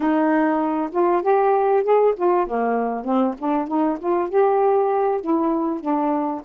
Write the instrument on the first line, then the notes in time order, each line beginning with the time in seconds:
saxophone
0.00 D#4
0.91 F4
1.22 G4
1.83 G#4
2.16 F4
2.47 A#3
3.04 C4
3.38 D4
3.67 D#4
3.99 F4
4.29 G4
5.20 E4
5.80 D4